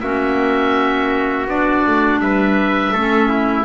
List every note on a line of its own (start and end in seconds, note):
0.00 1.46 A#3
0.00 1.48 C#4
0.00 2.22 F#4
0.00 1.47 E5
1.46 1.83 B3
1.46 2.94 D4
1.46 2.20 D5
1.86 2.19 A3
2.19 2.92 G3
2.19 2.92 B4
2.19 3.65 E5
2.92 3.65 A3
2.92 3.65 C#4
2.92 3.29 A4
3.29 3.65 E4